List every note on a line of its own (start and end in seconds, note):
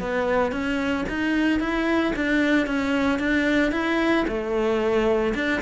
0.00 0.52 B3
0.52 1.05 C#4
1.09 1.60 D#4
1.60 2.13 E4
2.16 2.67 D4
2.67 3.19 C#4
3.19 3.72 D4
3.72 4.25 E4
4.28 5.34 A3
5.35 5.61 D4